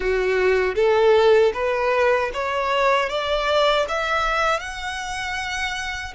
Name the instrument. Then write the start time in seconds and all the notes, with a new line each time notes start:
violin
0.00 F#4
0.75 A4
1.53 B4
2.33 C#5
3.09 D5
3.88 E5
4.59 F#5